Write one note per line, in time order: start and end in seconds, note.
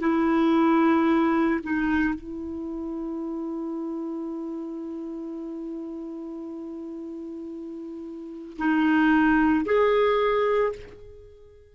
0.00 1.61 E4
1.64 2.15 D#4
2.15 8.58 E4
8.58 9.65 D#4
9.66 10.73 G#4